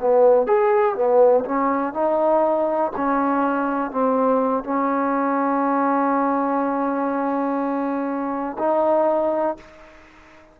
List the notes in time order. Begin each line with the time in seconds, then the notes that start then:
0.00 B3
0.46 G#4
0.95 B3
1.45 C#4
1.93 D#4
2.96 C#4
3.91 C4
4.64 C#4
8.58 D#4